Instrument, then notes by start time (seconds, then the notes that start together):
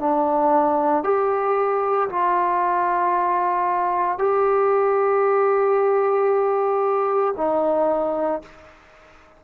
trombone
0.00 D4
1.04 G4
2.10 F4
4.19 G4
7.37 D#4